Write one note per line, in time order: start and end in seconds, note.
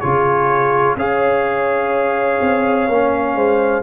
0.00 0.96 C#3
0.00 0.97 F4
0.00 0.96 G#4
0.00 0.95 C#5
0.96 2.39 C#4
0.96 2.89 G#4
0.96 3.35 C#5
0.96 3.83 F5
2.40 2.88 C4
2.88 3.35 A#3
2.88 3.83 C#4
3.35 3.83 G#3
3.35 3.83 C5